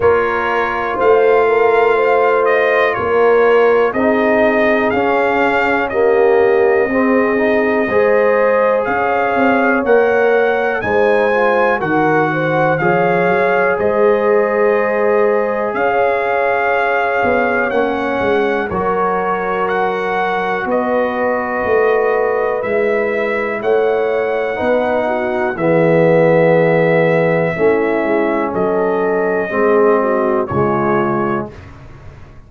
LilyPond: <<
  \new Staff \with { instrumentName = "trumpet" } { \time 4/4 \tempo 4 = 61 cis''4 f''4. dis''8 cis''4 | dis''4 f''4 dis''2~ | dis''4 f''4 fis''4 gis''4 | fis''4 f''4 dis''2 |
f''2 fis''4 cis''4 | fis''4 dis''2 e''4 | fis''2 e''2~ | e''4 dis''2 cis''4 | }
  \new Staff \with { instrumentName = "horn" } { \time 4/4 ais'4 c''8 ais'8 c''4 ais'4 | gis'2 g'4 gis'4 | c''4 cis''2 c''4 | ais'8 c''8 cis''4 c''2 |
cis''2. ais'4~ | ais'4 b'2. | cis''4 b'8 fis'8 gis'2 | e'4 a'4 gis'8 fis'8 f'4 | }
  \new Staff \with { instrumentName = "trombone" } { \time 4/4 f'1 | dis'4 cis'4 ais4 c'8 dis'8 | gis'2 ais'4 dis'8 f'8 | fis'4 gis'2.~ |
gis'2 cis'4 fis'4~ | fis'2. e'4~ | e'4 dis'4 b2 | cis'2 c'4 gis4 | }
  \new Staff \with { instrumentName = "tuba" } { \time 4/4 ais4 a2 ais4 | c'4 cis'2 c'4 | gis4 cis'8 c'8 ais4 gis4 | dis4 f8 fis8 gis2 |
cis'4. b8 ais8 gis8 fis4~ | fis4 b4 a4 gis4 | a4 b4 e2 | a8 gis8 fis4 gis4 cis4 | }
>>